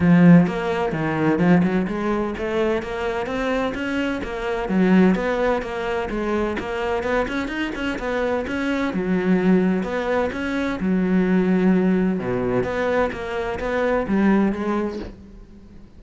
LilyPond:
\new Staff \with { instrumentName = "cello" } { \time 4/4 \tempo 4 = 128 f4 ais4 dis4 f8 fis8 | gis4 a4 ais4 c'4 | cis'4 ais4 fis4 b4 | ais4 gis4 ais4 b8 cis'8 |
dis'8 cis'8 b4 cis'4 fis4~ | fis4 b4 cis'4 fis4~ | fis2 b,4 b4 | ais4 b4 g4 gis4 | }